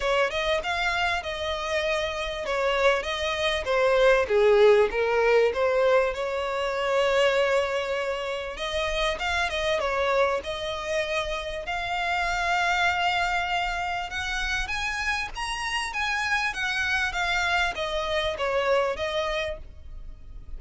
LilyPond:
\new Staff \with { instrumentName = "violin" } { \time 4/4 \tempo 4 = 98 cis''8 dis''8 f''4 dis''2 | cis''4 dis''4 c''4 gis'4 | ais'4 c''4 cis''2~ | cis''2 dis''4 f''8 dis''8 |
cis''4 dis''2 f''4~ | f''2. fis''4 | gis''4 ais''4 gis''4 fis''4 | f''4 dis''4 cis''4 dis''4 | }